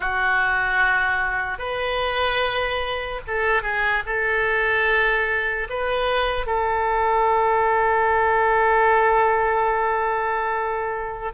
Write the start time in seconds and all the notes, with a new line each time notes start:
0.00 F#4
1.58 B4
3.27 A4
3.62 G#4
4.05 A4
5.69 B4
6.46 A4